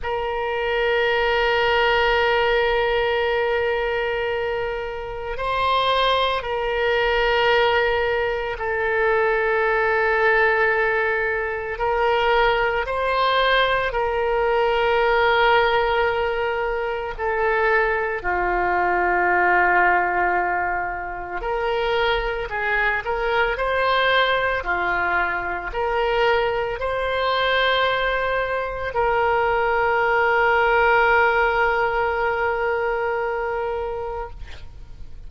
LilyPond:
\new Staff \with { instrumentName = "oboe" } { \time 4/4 \tempo 4 = 56 ais'1~ | ais'4 c''4 ais'2 | a'2. ais'4 | c''4 ais'2. |
a'4 f'2. | ais'4 gis'8 ais'8 c''4 f'4 | ais'4 c''2 ais'4~ | ais'1 | }